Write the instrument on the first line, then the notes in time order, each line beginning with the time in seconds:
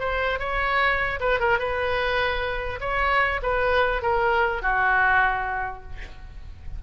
oboe
0.00 C5
0.39 C#5
1.20 B4
1.40 A#4
1.59 B4
2.81 C#5
3.43 B4
4.02 A#4
4.62 F#4